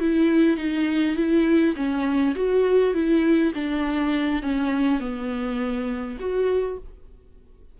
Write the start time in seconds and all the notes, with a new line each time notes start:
0.00 E4
0.57 D#4
1.16 E4
1.76 C#4
2.35 F#4
2.94 E4
3.54 D4
4.42 C#4
5.00 B3
6.20 F#4